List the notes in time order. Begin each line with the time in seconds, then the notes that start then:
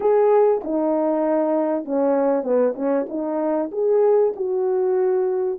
0.00 G#4
0.64 D#4
1.84 C#4
2.43 B3
2.75 C#4
3.08 D#4
3.71 G#4
4.36 F#4